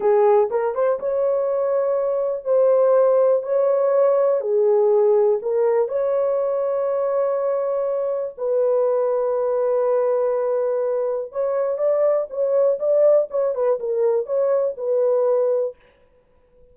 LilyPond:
\new Staff \with { instrumentName = "horn" } { \time 4/4 \tempo 4 = 122 gis'4 ais'8 c''8 cis''2~ | cis''4 c''2 cis''4~ | cis''4 gis'2 ais'4 | cis''1~ |
cis''4 b'2.~ | b'2. cis''4 | d''4 cis''4 d''4 cis''8 b'8 | ais'4 cis''4 b'2 | }